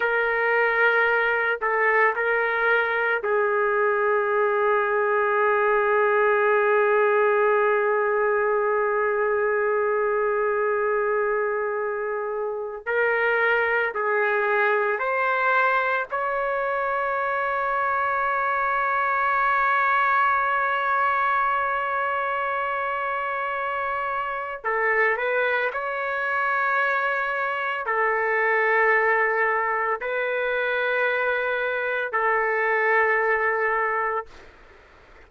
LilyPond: \new Staff \with { instrumentName = "trumpet" } { \time 4/4 \tempo 4 = 56 ais'4. a'8 ais'4 gis'4~ | gis'1~ | gis'1 | ais'4 gis'4 c''4 cis''4~ |
cis''1~ | cis''2. a'8 b'8 | cis''2 a'2 | b'2 a'2 | }